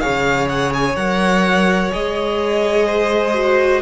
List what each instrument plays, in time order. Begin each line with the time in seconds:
0.00 cello C#3, viola G#4, violin C#5 F5
0.49 violin F#5
0.73 violin G#5
0.96 cello F#3, viola A#4, violin F#5
1.92 cello G#3, viola G#4, violin D#5
2.86 violin C5
3.34 viola F#4